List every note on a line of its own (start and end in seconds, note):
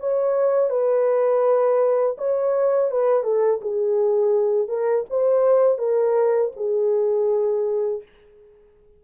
0.00 0.70 C#5
0.70 2.16 B4
2.18 2.91 C#5
2.91 3.24 B4
3.24 3.60 A4
3.62 4.68 G#4
4.68 5.05 A#4
5.10 5.78 C5
5.78 6.51 A#4
6.57 8.03 G#4